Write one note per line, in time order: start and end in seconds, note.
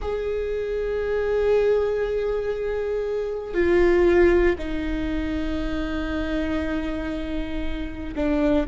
0.01 3.54 G#4
3.54 4.55 F4
4.58 8.14 D#4
8.15 8.66 D4